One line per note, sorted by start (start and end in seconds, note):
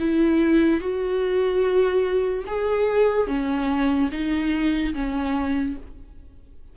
0.00 0.81 E4
0.81 2.45 F#4
2.47 3.28 G#4
3.28 4.10 C#4
4.12 4.94 D#4
4.95 5.77 C#4